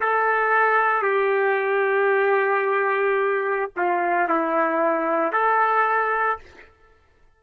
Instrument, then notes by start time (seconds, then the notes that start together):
trumpet
0.00 A4
1.02 G4
3.76 F4
4.29 E4
5.32 A4